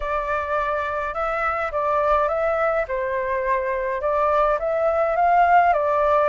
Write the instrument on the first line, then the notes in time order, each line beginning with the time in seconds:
flute
0.00 D5
1.14 E5
1.71 D5
2.28 E5
2.88 C5
4.01 D5
4.59 E5
5.16 F5
5.73 D5